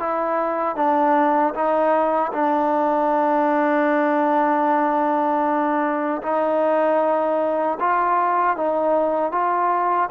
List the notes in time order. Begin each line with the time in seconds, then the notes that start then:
0.00 E4
0.77 D4
1.54 D#4
2.33 D4
6.23 D#4
7.80 F4
8.57 D#4
9.32 F4